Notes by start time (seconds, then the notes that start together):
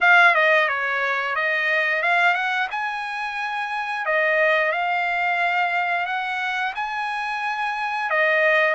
0.01 F5
0.35 D#5
0.68 C#5
1.35 D#5
2.02 F5
2.34 F#5
2.70 G#5
4.05 D#5
4.72 F5
6.06 F#5
6.75 G#5
8.10 D#5